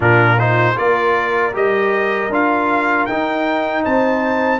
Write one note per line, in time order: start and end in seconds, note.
0.00 0.75 A#2
0.00 0.37 D4
0.00 0.74 F4
0.00 0.39 A#4
0.39 0.75 D#4
0.39 0.77 C5
0.75 1.54 A#3
0.75 1.52 F4
0.75 3.84 A#4
0.75 1.54 D5
1.53 2.28 G3
1.53 2.29 G4
1.53 2.32 D#5
2.28 3.05 D4
2.28 3.08 F4
2.28 3.05 F5
3.05 3.84 D#4
3.05 4.59 D#4
3.05 3.82 G5
3.84 4.59 C4
3.84 4.59 C5
3.84 4.59 A5